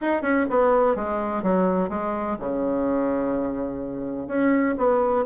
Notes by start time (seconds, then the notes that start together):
0.01 D#4
0.21 C#4
0.50 B3
0.95 G#3
1.42 F#3
1.89 G#3
2.39 C#3
4.27 C#4
4.77 B3